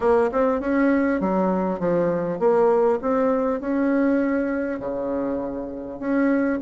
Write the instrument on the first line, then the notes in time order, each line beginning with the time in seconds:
bassoon
0.00 A#3
0.32 C4
0.60 C#4
1.20 F#3
1.79 F3
2.39 A#3
3.01 C4
3.60 C#4
4.79 C#3
5.99 C#4